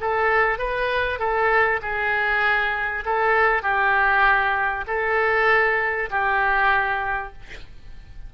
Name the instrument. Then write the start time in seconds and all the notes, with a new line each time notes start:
oboe
0.00 A4
0.58 B4
1.19 A4
1.82 G#4
3.05 A4
3.62 G4
4.87 A4
6.10 G4